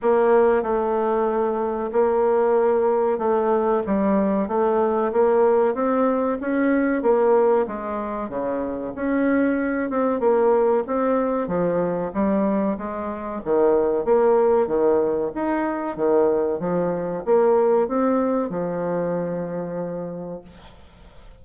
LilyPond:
\new Staff \with { instrumentName = "bassoon" } { \time 4/4 \tempo 4 = 94 ais4 a2 ais4~ | ais4 a4 g4 a4 | ais4 c'4 cis'4 ais4 | gis4 cis4 cis'4. c'8 |
ais4 c'4 f4 g4 | gis4 dis4 ais4 dis4 | dis'4 dis4 f4 ais4 | c'4 f2. | }